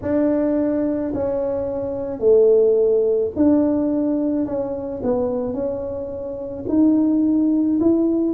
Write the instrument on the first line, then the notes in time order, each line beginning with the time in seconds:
tuba
0.02 D4
1.14 C#4
2.19 A3
3.36 D4
4.45 C#4
5.03 B3
5.53 C#4
6.68 D#4
7.80 E4